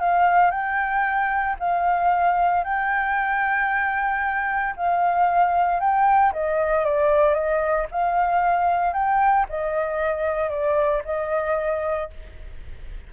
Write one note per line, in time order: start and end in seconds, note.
0.00 0.51 F5
0.51 1.56 G5
1.59 2.64 F5
2.64 4.75 G5
4.77 5.80 F5
5.80 6.33 G5
6.33 6.85 D#5
6.85 7.34 D5
7.34 7.87 D#5
7.91 8.93 F5
8.93 9.46 G5
9.50 10.50 D#5
10.50 11.03 D5
11.05 12.10 D#5